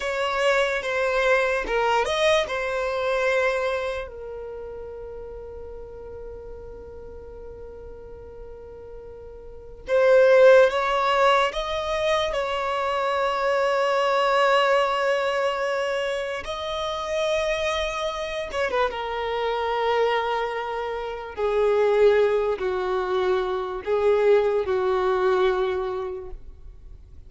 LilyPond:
\new Staff \with { instrumentName = "violin" } { \time 4/4 \tempo 4 = 73 cis''4 c''4 ais'8 dis''8 c''4~ | c''4 ais'2.~ | ais'1 | c''4 cis''4 dis''4 cis''4~ |
cis''1 | dis''2~ dis''8 cis''16 b'16 ais'4~ | ais'2 gis'4. fis'8~ | fis'4 gis'4 fis'2 | }